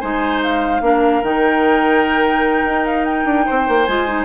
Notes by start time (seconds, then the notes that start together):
0.00 G#3 D#4 C5 G#5
0.43 F5
0.81 A#3 D4 A#4
1.23 D#3 D#4 G5
2.65 D#4
2.86 F5
3.05 G5
3.25 D4
3.46 C4 C5
3.68 A#3
3.86 G#3 F4 G#5
4.08 D#4